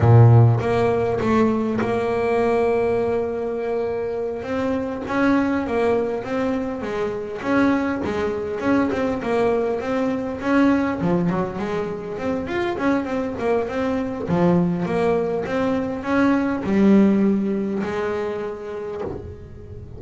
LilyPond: \new Staff \with { instrumentName = "double bass" } { \time 4/4 \tempo 4 = 101 ais,4 ais4 a4 ais4~ | ais2.~ ais8 c'8~ | c'8 cis'4 ais4 c'4 gis8~ | gis8 cis'4 gis4 cis'8 c'8 ais8~ |
ais8 c'4 cis'4 f8 fis8 gis8~ | gis8 c'8 f'8 cis'8 c'8 ais8 c'4 | f4 ais4 c'4 cis'4 | g2 gis2 | }